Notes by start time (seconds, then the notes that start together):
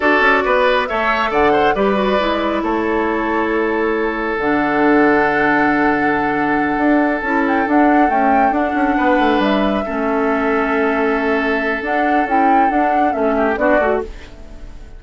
0.00 D4 F#4 A4 D5
0.20 C#4
0.44 B3 B4
0.87 A3 A4 C#5 E5
1.30 D3 D5 F#5
1.52 C5
1.74 G3 G4 B4 D5
1.95 F#4
2.19 G#3 E4
2.62 A3 A4 C#5
4.36 D3 D4 F#5
6.77 D4
7.21 C#4 E4 A5
7.47 G5
7.66 D4 F#5
8.08 A3 C#4 G5
8.50 D4 F#5
8.74 C#4
8.96 B3 B4
9.19 A3
9.39 G3 E5
9.85 A3 C#4 A4
11.81 D4 F#5
12.25 C#4 E4 G5
12.69 D4 F#5
13.10 A3 C#4 E5
13.36 G4
13.56 B3 D4 F#4 D5
13.78 A3 F#4